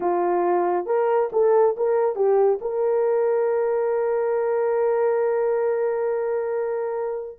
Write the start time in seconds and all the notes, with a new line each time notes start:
0.00 F4
0.86 A#4
1.32 A4
1.76 A#4
2.15 G4
2.61 A#4